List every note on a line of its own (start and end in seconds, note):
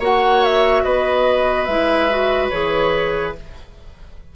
0.00 0.83 A#3
0.00 1.68 F#4
0.00 0.84 C#5
0.00 0.45 F#5
0.45 0.84 E5
0.84 1.68 B3
0.84 3.35 B4
0.84 1.66 D#5
1.66 2.51 G#3
1.66 2.10 E4
1.66 2.49 E5
2.10 2.52 F#4
2.50 3.36 E3
2.50 3.36 G#4
2.50 3.33 C#5